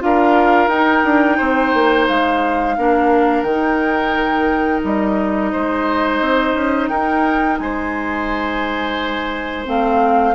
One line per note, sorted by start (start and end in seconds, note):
0.00 0.68 D4
0.00 0.69 F4
0.00 1.37 A#4
0.00 0.68 F5
0.68 1.02 D#4
0.68 2.78 D#4
0.68 2.06 G5
1.04 1.39 D4
1.37 1.74 C4
1.37 2.75 C5
1.74 2.08 A#3
2.07 2.77 G#3
2.07 3.43 F5
2.77 3.43 A#3
2.77 3.47 D4
2.77 5.52 A#4
3.43 4.80 D#3
3.43 4.81 G5
3.49 9.65 D#4
4.84 5.53 G3
4.84 6.89 D#5
5.52 6.21 G#3
5.52 6.90 C5
6.21 6.54 C4
6.54 6.88 C#4
6.89 7.59 D#4
6.89 7.59 A#4
6.89 7.57 G5
7.58 9.66 G#3
7.58 10.35 C5
7.58 9.65 G#5
9.65 10.35 A3
9.65 10.34 C4
9.65 10.35 F5